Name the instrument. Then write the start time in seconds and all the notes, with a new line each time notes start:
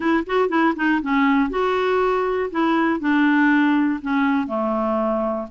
clarinet
0.00 E4
0.26 F#4
0.49 E4
0.76 D#4
1.02 C#4
1.50 F#4
2.50 E4
3.00 D4
4.01 C#4
4.47 A3